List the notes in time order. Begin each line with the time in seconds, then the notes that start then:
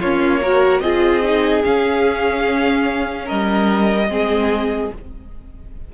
0.00 A#3 C#4 F4 C#5
0.42 F#4 A#4
0.80 C4 F4 G#4 D#5
1.23 D#4
1.64 C#4 F5
3.25 G3 A#4 D#5
4.09 G#3 C4 G#4